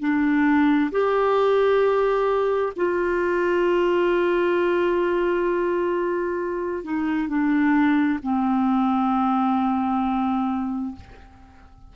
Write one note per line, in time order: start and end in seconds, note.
0.00 0.91 D4
0.91 2.73 G4
2.76 6.84 F4
6.84 7.29 D#4
7.29 8.19 D4
8.23 10.95 C4